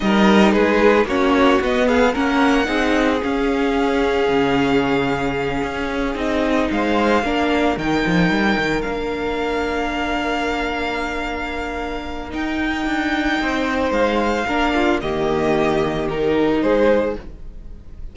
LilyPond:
<<
  \new Staff \with { instrumentName = "violin" } { \time 4/4 \tempo 4 = 112 dis''4 b'4 cis''4 dis''8 f''8 | fis''2 f''2~ | f''2.~ f''8 dis''8~ | dis''8 f''2 g''4.~ |
g''8 f''2.~ f''8~ | f''2. g''4~ | g''2 f''2 | dis''2 ais'4 c''4 | }
  \new Staff \with { instrumentName = "violin" } { \time 4/4 ais'4 gis'4 fis'4. gis'8 | ais'4 gis'2.~ | gis'1~ | gis'8 c''4 ais'2~ ais'8~ |
ais'1~ | ais'1~ | ais'4 c''2 ais'8 f'8 | g'2. gis'4 | }
  \new Staff \with { instrumentName = "viola" } { \time 4/4 dis'2 cis'4 b4 | cis'4 dis'4 cis'2~ | cis'2.~ cis'8 dis'8~ | dis'4. d'4 dis'4.~ |
dis'8 d'2.~ d'8~ | d'2. dis'4~ | dis'2. d'4 | ais2 dis'2 | }
  \new Staff \with { instrumentName = "cello" } { \time 4/4 g4 gis4 ais4 b4 | ais4 c'4 cis'2 | cis2~ cis8 cis'4 c'8~ | c'8 gis4 ais4 dis8 f8 g8 |
dis8 ais2.~ ais8~ | ais2. dis'4 | d'4 c'4 gis4 ais4 | dis2. gis4 | }
>>